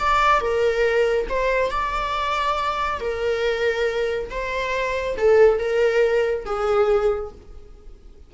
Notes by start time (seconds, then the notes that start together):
0.00 D5
0.41 A#4
1.29 C5
1.71 D5
3.00 A#4
4.30 C5
5.18 A4
5.59 A#4
6.46 G#4